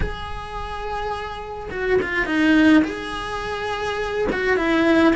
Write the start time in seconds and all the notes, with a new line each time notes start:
0.00 G#4
1.70 F#4
2.02 F4
2.25 D#4
2.84 G#4
4.32 F#4
4.57 E4